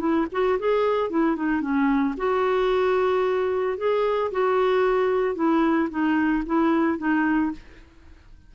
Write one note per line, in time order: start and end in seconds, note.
0.00 0.27 E4
0.32 0.59 F#4
0.59 1.10 G#4
1.10 1.36 E4
1.36 1.61 D#4
1.61 2.15 C#4
2.17 3.78 F#4
3.78 4.31 G#4
4.32 5.35 F#4
5.35 5.89 E4
5.90 6.44 D#4
6.46 6.98 E4
6.98 7.52 D#4